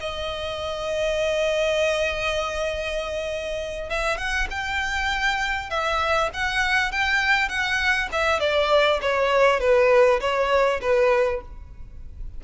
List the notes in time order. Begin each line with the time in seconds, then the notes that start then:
0.00 D#5
3.90 E5
4.18 F#5
4.50 G5
5.70 E5
6.34 F#5
6.92 G5
7.49 F#5
8.12 E5
8.40 D5
9.02 C#5
9.60 B4
10.20 C#5
10.81 B4